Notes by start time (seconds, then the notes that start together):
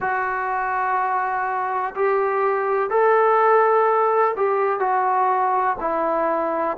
0.00 F#4
1.95 G4
2.90 A4
4.36 G4
4.79 F#4
5.80 E4